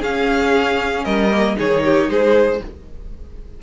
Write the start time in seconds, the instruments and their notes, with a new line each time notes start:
0.00 cello C#4, viola C#4, violin G#4 F5
1.05 cello G3, violin A#4 D#5
1.31 viola A#3
1.56 cello D#3, viola D#4, violin G#4 C#5
1.84 violin G4
2.09 cello G#3, violin G#4 C5